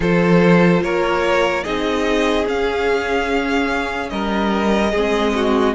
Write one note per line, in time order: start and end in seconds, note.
0.00 0.81 F3
0.00 1.64 F4
0.00 0.82 A4
0.00 0.82 C5
0.82 1.65 A#3
0.82 1.63 A#4
0.82 1.63 C#5
1.63 2.46 C4
1.63 2.44 D#4
1.63 4.10 G#4
1.63 2.45 D#5
2.44 4.91 C#4
2.44 4.11 C#4
2.44 4.09 F5
4.09 4.93 G3
4.09 4.91 A#4
4.09 5.74 D#5
4.91 5.74 G#3
4.91 5.74 C4
4.91 5.32 G#4
5.35 5.74 F#4